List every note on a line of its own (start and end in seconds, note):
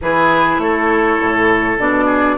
0.01 0.58 E3
0.01 1.79 E4
0.01 0.61 G#4
0.01 0.59 B4
0.58 1.17 A3
0.58 2.05 A4
0.58 1.78 C#5
1.20 1.78 A2
1.78 2.37 B2
1.78 2.37 D4
1.78 2.37 D5
2.05 2.35 G#4